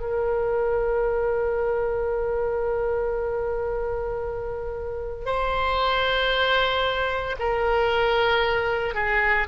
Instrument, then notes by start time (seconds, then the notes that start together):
oboe
0.00 A#4
5.25 C5
7.39 A#4
8.94 G#4